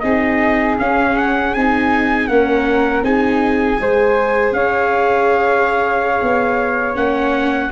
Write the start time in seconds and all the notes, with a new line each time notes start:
0.00 C4 D#4 G#4 D#5
0.79 C#4 F5
1.17 F#5
1.54 C4 D#4 G#5
2.27 A#3 C#4 A#4 F#5
3.02 C4 D#4 G#4 G#5
3.77 G#3 G#4 C5
4.51 C#4 C#5 F5
6.22 B3
6.95 A#3 C#4 F#5